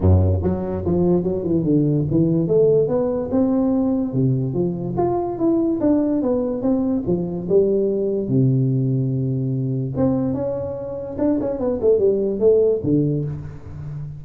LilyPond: \new Staff \with { instrumentName = "tuba" } { \time 4/4 \tempo 4 = 145 fis,4 fis4 f4 fis8 e8 | d4 e4 a4 b4 | c'2 c4 f4 | f'4 e'4 d'4 b4 |
c'4 f4 g2 | c1 | c'4 cis'2 d'8 cis'8 | b8 a8 g4 a4 d4 | }